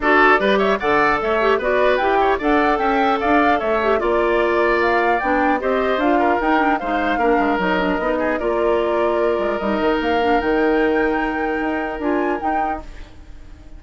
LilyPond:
<<
  \new Staff \with { instrumentName = "flute" } { \time 4/4 \tempo 4 = 150 d''4. e''8 fis''4 e''4 | d''4 g''4 fis''4 g''4 | f''4 e''4 d''2 | f''4 g''4 dis''4 f''4 |
g''4 f''2 dis''4~ | dis''4 d''2. | dis''4 f''4 g''2~ | g''2 gis''4 g''4 | }
  \new Staff \with { instrumentName = "oboe" } { \time 4/4 a'4 b'8 cis''8 d''4 cis''4 | b'4. cis''8 d''4 e''4 | d''4 cis''4 d''2~ | d''2 c''4. ais'8~ |
ais'4 c''4 ais'2~ | ais'8 gis'8 ais'2.~ | ais'1~ | ais'1 | }
  \new Staff \with { instrumentName = "clarinet" } { \time 4/4 fis'4 g'4 a'4. g'8 | fis'4 g'4 a'2~ | a'4. g'8 f'2~ | f'4 d'4 g'4 f'4 |
dis'8 d'8 dis'4 d'4 dis'8 d'8 | dis'4 f'2. | dis'4. d'8 dis'2~ | dis'2 f'4 dis'4 | }
  \new Staff \with { instrumentName = "bassoon" } { \time 4/4 d'4 g4 d4 a4 | b4 e'4 d'4 cis'4 | d'4 a4 ais2~ | ais4 b4 c'4 d'4 |
dis'4 gis4 ais8 gis8 fis4 | b4 ais2~ ais8 gis8 | g8 dis8 ais4 dis2~ | dis4 dis'4 d'4 dis'4 | }
>>